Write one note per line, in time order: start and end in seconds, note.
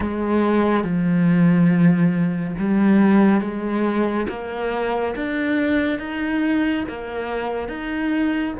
0.00 0.83 G#3
0.83 2.55 F3
2.58 3.41 G3
3.41 4.26 G#3
4.29 5.14 A#3
5.15 5.98 D4
5.98 6.84 D#4
6.88 7.68 A#3
7.68 8.54 D#4